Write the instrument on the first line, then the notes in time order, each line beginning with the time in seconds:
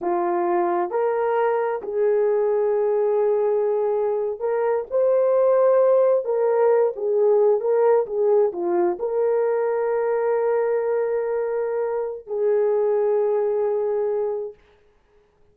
horn
0.01 F4
0.90 A#4
1.82 G#4
4.39 A#4
4.90 C5
6.24 A#4
6.96 G#4
7.60 A#4
8.06 G#4
8.52 F4
8.99 A#4
12.26 G#4